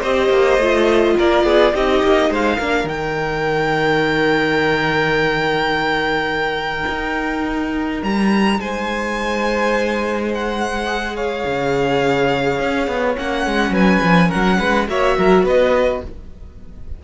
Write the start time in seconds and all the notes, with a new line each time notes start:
0.00 C4 G4 C5 D#5
0.29 A#3
0.57 A3 F4
1.17 A#3 A#4 D5
1.44 B3 G#4
1.74 C4 D#4 G4 D#5
2.03 A#3
2.29 G#3 C5 F5
2.58 A#3 D4 A#4
2.84 D#3 D#4 G5
6.89 D#4
8.03 G3 A#5
8.59 G#3 C5 G#5
10.34 F#5
10.86 G#4
11.16 C#5 F5
11.46 C#3
12.60 C#4
12.87 B3
13.16 A#3 C#4 F#5
13.46 G#3
13.70 F#3 B4 G#5
14.02 F3
14.28 A#4 F#5
14.35 F#3
14.59 G#3 B4
14.87 A#3 F#4 C#5 E5
15.18 F#3 A#4
15.44 B3 B4 D#5